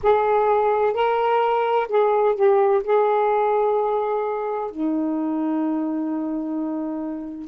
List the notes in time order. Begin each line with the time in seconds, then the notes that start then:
0.03 G#4
0.93 A#4
1.88 G#4
2.35 G4
2.83 G#4
4.70 D#4